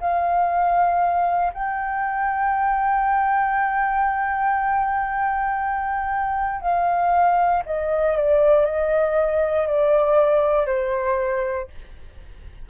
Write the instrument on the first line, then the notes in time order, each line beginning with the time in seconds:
flute
0.00 F5
1.53 G5
6.61 F5
7.65 D#5
8.16 D5
8.65 D#5
9.67 D5
10.66 C5